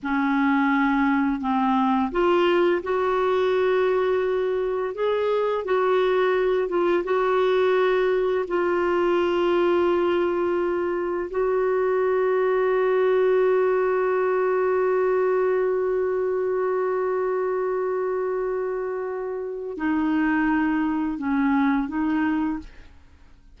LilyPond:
\new Staff \with { instrumentName = "clarinet" } { \time 4/4 \tempo 4 = 85 cis'2 c'4 f'4 | fis'2. gis'4 | fis'4. f'8 fis'2 | f'1 |
fis'1~ | fis'1~ | fis'1 | dis'2 cis'4 dis'4 | }